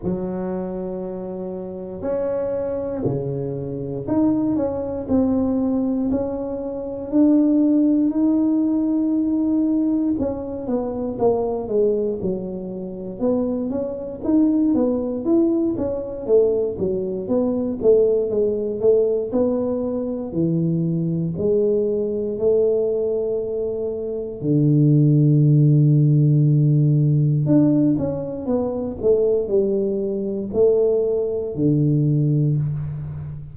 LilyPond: \new Staff \with { instrumentName = "tuba" } { \time 4/4 \tempo 4 = 59 fis2 cis'4 cis4 | dis'8 cis'8 c'4 cis'4 d'4 | dis'2 cis'8 b8 ais8 gis8 | fis4 b8 cis'8 dis'8 b8 e'8 cis'8 |
a8 fis8 b8 a8 gis8 a8 b4 | e4 gis4 a2 | d2. d'8 cis'8 | b8 a8 g4 a4 d4 | }